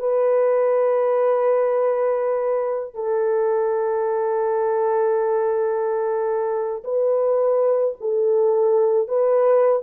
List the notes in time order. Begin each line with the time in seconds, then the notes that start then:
0.00 B4
2.95 A4
6.85 B4
8.01 A4
9.09 B4